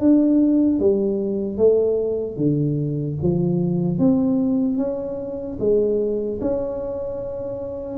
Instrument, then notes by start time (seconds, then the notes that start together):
tuba
0.00 D4
0.80 G3
1.57 A3
2.37 D3
3.22 F3
3.99 C4
4.78 C#4
5.60 G#3
6.41 C#4